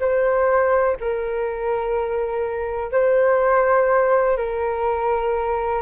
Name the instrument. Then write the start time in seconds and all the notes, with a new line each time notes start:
flute
0.00 C5
1.01 A#4
2.92 C5
4.37 A#4